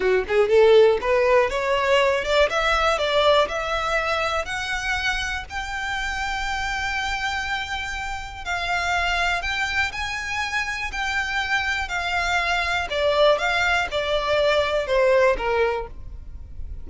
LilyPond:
\new Staff \with { instrumentName = "violin" } { \time 4/4 \tempo 4 = 121 fis'8 gis'8 a'4 b'4 cis''4~ | cis''8 d''8 e''4 d''4 e''4~ | e''4 fis''2 g''4~ | g''1~ |
g''4 f''2 g''4 | gis''2 g''2 | f''2 d''4 f''4 | d''2 c''4 ais'4 | }